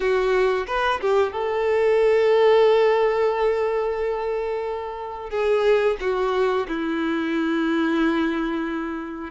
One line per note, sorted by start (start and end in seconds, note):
0.00 0.66 F#4
0.67 1.00 B4
1.01 1.32 G4
1.32 5.30 A4
5.30 5.96 G#4
6.00 6.67 F#4
6.68 9.30 E4